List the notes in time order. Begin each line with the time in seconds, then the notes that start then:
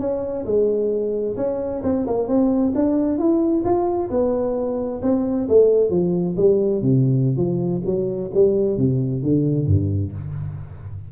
0.00 C#4
0.46 G#3
1.37 C#4
1.84 C4
2.07 A#3
2.28 C4
2.75 D4
3.18 E4
3.65 F4
4.10 B3
5.03 C4
5.49 A3
5.90 F3
6.37 G3
6.82 C3
7.37 F3
7.86 F#3
8.34 G3
8.78 C3
9.23 D3
9.67 G2